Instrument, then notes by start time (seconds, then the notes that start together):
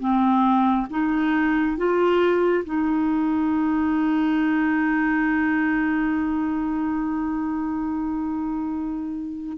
clarinet
0.00 C4
0.91 D#4
1.77 F4
2.65 D#4